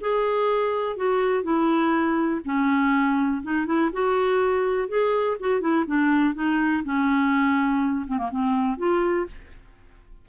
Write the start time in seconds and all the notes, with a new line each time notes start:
0.00 G#4
0.96 F#4
1.43 E4
2.45 C#4
3.42 D#4
3.66 E4
3.92 F#4
4.88 G#4
5.40 F#4
5.60 E4
5.86 D4
6.34 D#4
6.84 C#4
8.07 C4
8.18 A#3
8.30 C4
8.77 F4